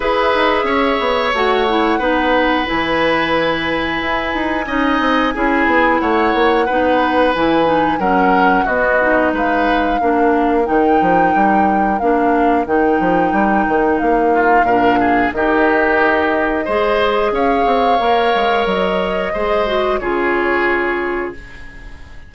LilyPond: <<
  \new Staff \with { instrumentName = "flute" } { \time 4/4 \tempo 4 = 90 e''2 fis''2 | gis''1~ | gis''4 fis''2 gis''4 | fis''4 dis''4 f''2 |
g''2 f''4 g''4~ | g''4 f''2 dis''4~ | dis''2 f''2 | dis''2 cis''2 | }
  \new Staff \with { instrumentName = "oboe" } { \time 4/4 b'4 cis''2 b'4~ | b'2. dis''4 | gis'4 cis''4 b'2 | ais'4 fis'4 b'4 ais'4~ |
ais'1~ | ais'4. f'8 ais'8 gis'8 g'4~ | g'4 c''4 cis''2~ | cis''4 c''4 gis'2 | }
  \new Staff \with { instrumentName = "clarinet" } { \time 4/4 gis'2 fis'8 e'8 dis'4 | e'2. dis'4 | e'2 dis'4 e'8 dis'8 | cis'4 b8 dis'4. d'4 |
dis'2 d'4 dis'4~ | dis'2 d'4 dis'4~ | dis'4 gis'2 ais'4~ | ais'4 gis'8 fis'8 f'2 | }
  \new Staff \with { instrumentName = "bassoon" } { \time 4/4 e'8 dis'8 cis'8 b8 a4 b4 | e2 e'8 dis'8 cis'8 c'8 | cis'8 b8 a8 ais8 b4 e4 | fis4 b4 gis4 ais4 |
dis8 f8 g4 ais4 dis8 f8 | g8 dis8 ais4 ais,4 dis4~ | dis4 gis4 cis'8 c'8 ais8 gis8 | fis4 gis4 cis2 | }
>>